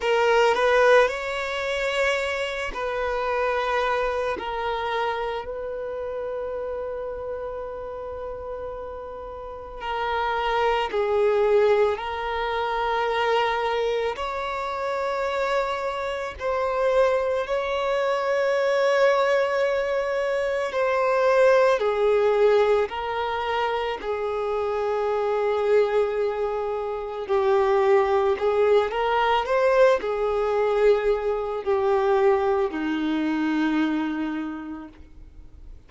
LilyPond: \new Staff \with { instrumentName = "violin" } { \time 4/4 \tempo 4 = 55 ais'8 b'8 cis''4. b'4. | ais'4 b'2.~ | b'4 ais'4 gis'4 ais'4~ | ais'4 cis''2 c''4 |
cis''2. c''4 | gis'4 ais'4 gis'2~ | gis'4 g'4 gis'8 ais'8 c''8 gis'8~ | gis'4 g'4 dis'2 | }